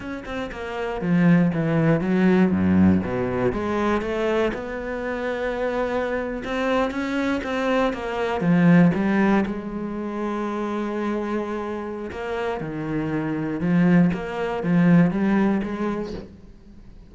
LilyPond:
\new Staff \with { instrumentName = "cello" } { \time 4/4 \tempo 4 = 119 cis'8 c'8 ais4 f4 e4 | fis4 fis,4 b,4 gis4 | a4 b2.~ | b8. c'4 cis'4 c'4 ais16~ |
ais8. f4 g4 gis4~ gis16~ | gis1 | ais4 dis2 f4 | ais4 f4 g4 gis4 | }